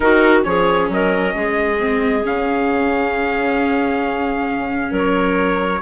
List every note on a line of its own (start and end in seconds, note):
0.00 0.44 D#3
0.00 0.43 D#4
0.00 0.46 F#4
0.00 0.43 A#4
0.43 0.88 F3
0.43 1.77 C#4
0.43 0.91 G#4
0.43 0.88 C#5
0.88 1.33 F#3
0.88 1.35 A#4
0.88 2.26 D#5
1.35 2.24 G#3
1.35 4.91 G#4
1.79 2.24 C4
2.24 4.91 C#3
2.24 5.81 C#4
2.24 4.94 F5
4.91 5.81 F#3
4.91 5.81 A#4
4.91 5.81 C#5